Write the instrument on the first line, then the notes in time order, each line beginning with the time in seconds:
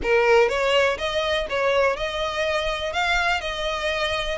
violin
0.02 A#4
0.48 C#5
0.98 D#5
1.49 C#5
1.96 D#5
2.93 F5
3.40 D#5